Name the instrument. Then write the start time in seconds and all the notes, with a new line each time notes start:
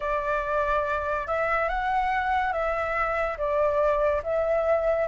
flute
0.00 D5
1.27 E5
1.69 F#5
2.52 E5
3.37 D5
4.23 E5